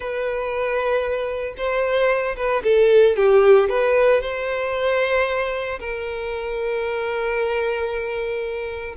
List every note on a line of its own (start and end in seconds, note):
0.00 1.54 B4
1.57 2.36 C5
2.36 2.62 B4
2.63 3.16 A4
3.16 3.69 G4
3.69 4.21 B4
4.21 5.79 C5
5.79 8.95 A#4